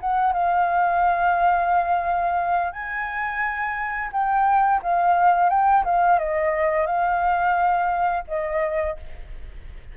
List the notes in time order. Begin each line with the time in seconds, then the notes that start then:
0.00 F#5
0.32 F5
2.72 G#5
4.12 G5
4.82 F5
5.49 G5
5.84 F5
6.18 D#5
6.86 F5
8.28 D#5